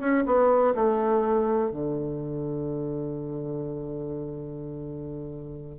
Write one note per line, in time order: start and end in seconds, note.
0.00 0.24 C#4
0.26 0.74 B3
0.75 1.71 A3
1.71 5.78 D3